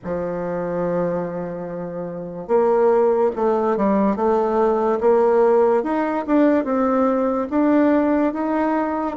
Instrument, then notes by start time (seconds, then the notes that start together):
bassoon
0.03 F3
2.47 A#3
3.35 A3
3.77 G3
4.16 A3
5.00 A#3
5.83 D#4
6.27 D4
6.64 C4
7.50 D4
8.33 D#4